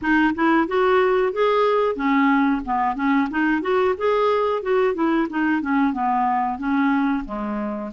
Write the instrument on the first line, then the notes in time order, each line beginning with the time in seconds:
clarinet
0.01 D#4
0.34 E4
0.67 F#4
1.32 G#4
1.95 C#4
2.65 B3
2.95 C#4
3.30 D#4
3.61 F#4
3.97 G#4
4.62 F#4
4.94 E4
5.29 D#4
5.61 C#4
5.93 B3
6.58 C#4
7.25 G#3